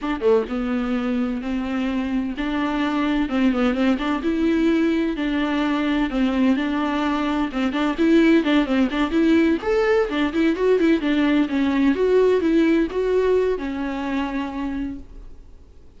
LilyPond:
\new Staff \with { instrumentName = "viola" } { \time 4/4 \tempo 4 = 128 d'8 a8 b2 c'4~ | c'4 d'2 c'8 b8 | c'8 d'8 e'2 d'4~ | d'4 c'4 d'2 |
c'8 d'8 e'4 d'8 c'8 d'8 e'8~ | e'8 a'4 d'8 e'8 fis'8 e'8 d'8~ | d'8 cis'4 fis'4 e'4 fis'8~ | fis'4 cis'2. | }